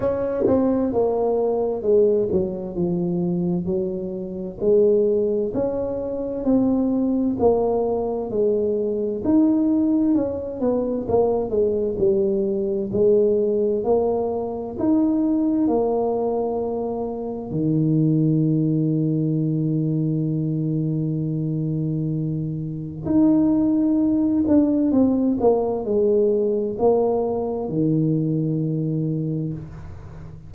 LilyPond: \new Staff \with { instrumentName = "tuba" } { \time 4/4 \tempo 4 = 65 cis'8 c'8 ais4 gis8 fis8 f4 | fis4 gis4 cis'4 c'4 | ais4 gis4 dis'4 cis'8 b8 | ais8 gis8 g4 gis4 ais4 |
dis'4 ais2 dis4~ | dis1~ | dis4 dis'4. d'8 c'8 ais8 | gis4 ais4 dis2 | }